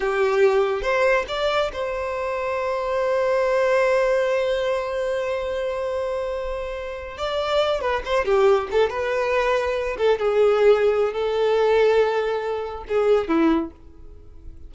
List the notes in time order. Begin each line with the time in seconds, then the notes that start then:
0.00 G4
0.82 C5
1.28 D5
1.72 C5
7.17 D5
7.80 B4
8.05 C5
8.25 G4
8.71 A4
8.89 B4
9.97 A4
10.18 G#4
11.12 A4
12.88 G#4
13.28 E4